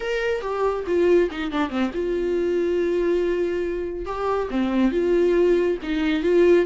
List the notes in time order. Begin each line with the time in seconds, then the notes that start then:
0.00 A#4
0.41 G4
0.86 F4
1.30 D#4
1.51 D4
1.69 C4
1.93 F4
4.05 G4
4.50 C4
4.91 F4
5.82 D#4
6.23 F4